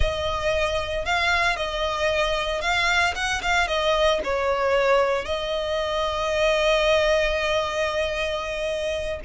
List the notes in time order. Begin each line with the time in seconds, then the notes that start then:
0.00 D#5
1.05 F5
1.56 D#5
2.61 F5
3.15 F#5
3.42 F5
3.67 D#5
4.24 C#5
5.25 D#5